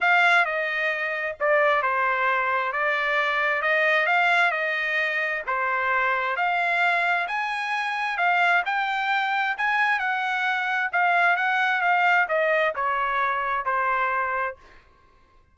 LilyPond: \new Staff \with { instrumentName = "trumpet" } { \time 4/4 \tempo 4 = 132 f''4 dis''2 d''4 | c''2 d''2 | dis''4 f''4 dis''2 | c''2 f''2 |
gis''2 f''4 g''4~ | g''4 gis''4 fis''2 | f''4 fis''4 f''4 dis''4 | cis''2 c''2 | }